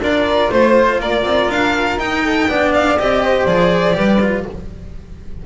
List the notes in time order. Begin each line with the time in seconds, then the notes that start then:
0.00 D4 F4 A#4 D5
0.50 A3 C5
1.00 A#3 A#4 D5
1.24 C4
1.49 D4 F5
1.98 D#4 G5
2.24 A4
2.48 B3 D4 D5
2.74 F5
2.99 C4 G4 D#5
3.24 C5
3.46 F3 G#4 D5
3.93 G3 G4 B4
4.22 F4